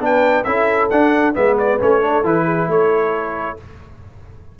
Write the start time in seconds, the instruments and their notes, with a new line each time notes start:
0.00 tuba B3, trombone D4, horn B4, trumpet G5
0.44 tuba C#4, trombone E4, horn A4, trumpet E5
0.90 tuba D4, trombone D4, trumpet F#5
1.34 tuba G#3, trombone B3, horn B4, trumpet E5
1.59 trumpet D5
1.79 tuba A3, trombone C#4, trumpet C#5
2.02 trombone D4, horn A4
2.24 tuba E3, trombone E4, trumpet B4
2.45 horn G#4
2.68 tuba A3, horn A4, trumpet C#5